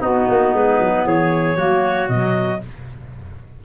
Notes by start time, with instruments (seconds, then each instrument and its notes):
0.00 tuba B3, clarinet B3 F#4, trumpet D#4
0.29 tuba A#3
0.53 tuba G#3, clarinet B4
0.79 tuba F#3
1.05 tuba E3, trumpet G#4, clarinet C#5
1.56 tuba F#3, clarinet A#3, trumpet F#4
2.08 tuba B2, clarinet F#3 D#5